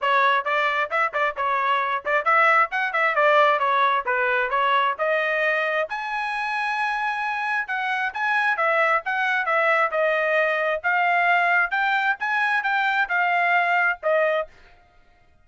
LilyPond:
\new Staff \with { instrumentName = "trumpet" } { \time 4/4 \tempo 4 = 133 cis''4 d''4 e''8 d''8 cis''4~ | cis''8 d''8 e''4 fis''8 e''8 d''4 | cis''4 b'4 cis''4 dis''4~ | dis''4 gis''2.~ |
gis''4 fis''4 gis''4 e''4 | fis''4 e''4 dis''2 | f''2 g''4 gis''4 | g''4 f''2 dis''4 | }